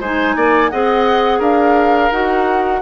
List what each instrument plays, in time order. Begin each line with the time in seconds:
0.00 bassoon G#3, clarinet D#4, oboe C5, flute G#5
0.36 bassoon A#3, oboe D5
0.70 bassoon C4, clarinet G#4, oboe D#5, flute F#5
1.39 bassoon D4, oboe A#4, flute F5
2.11 bassoon D#4, clarinet F#4, flute F#5